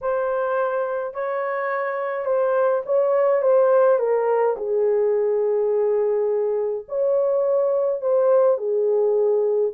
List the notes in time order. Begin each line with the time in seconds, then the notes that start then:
0.01 C5
1.14 C#5
2.25 C5
2.85 C#5
3.41 C5
3.98 A#4
4.56 G#4
6.88 C#5
8.01 C5
8.57 G#4